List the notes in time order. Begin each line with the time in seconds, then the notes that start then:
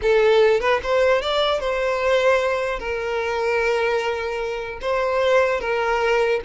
0.01 A4
0.60 B4
0.83 C5
1.21 D5
1.60 C5
2.79 A#4
4.81 C5
5.60 A#4